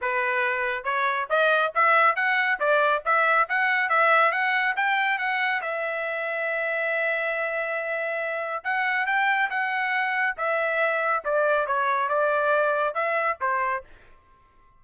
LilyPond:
\new Staff \with { instrumentName = "trumpet" } { \time 4/4 \tempo 4 = 139 b'2 cis''4 dis''4 | e''4 fis''4 d''4 e''4 | fis''4 e''4 fis''4 g''4 | fis''4 e''2.~ |
e''1 | fis''4 g''4 fis''2 | e''2 d''4 cis''4 | d''2 e''4 c''4 | }